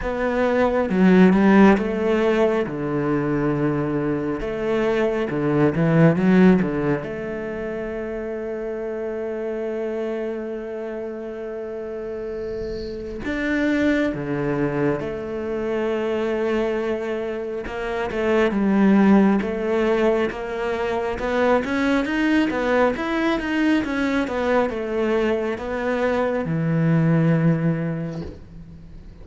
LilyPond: \new Staff \with { instrumentName = "cello" } { \time 4/4 \tempo 4 = 68 b4 fis8 g8 a4 d4~ | d4 a4 d8 e8 fis8 d8 | a1~ | a2. d'4 |
d4 a2. | ais8 a8 g4 a4 ais4 | b8 cis'8 dis'8 b8 e'8 dis'8 cis'8 b8 | a4 b4 e2 | }